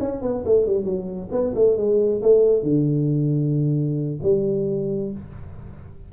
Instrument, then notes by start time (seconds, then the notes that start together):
tuba
0.00 C#4
0.22 B3
0.46 A3
0.67 G3
0.85 F#3
1.32 B3
1.55 A3
1.77 G#3
2.23 A3
2.63 D3
4.23 G3